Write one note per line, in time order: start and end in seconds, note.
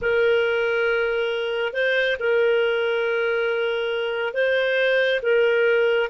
0.01 1.73 A#4
1.73 2.16 C5
2.19 4.33 A#4
4.33 5.20 C5
5.22 6.09 A#4